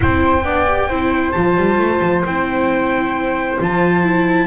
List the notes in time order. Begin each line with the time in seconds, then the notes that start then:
0.00 C4 E4 C5 G5
0.43 B3 D4 D5
0.67 G4
0.88 C4 E4 C5
1.32 F3 F4 A5
1.57 G3
1.78 A3
2.01 F3
2.24 C4 E4 G5
3.59 F3 F4 A5
4.03 E4